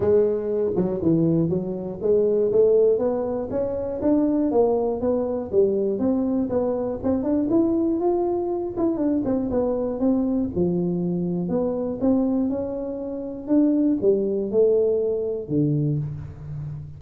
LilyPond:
\new Staff \with { instrumentName = "tuba" } { \time 4/4 \tempo 4 = 120 gis4. fis8 e4 fis4 | gis4 a4 b4 cis'4 | d'4 ais4 b4 g4 | c'4 b4 c'8 d'8 e'4 |
f'4. e'8 d'8 c'8 b4 | c'4 f2 b4 | c'4 cis'2 d'4 | g4 a2 d4 | }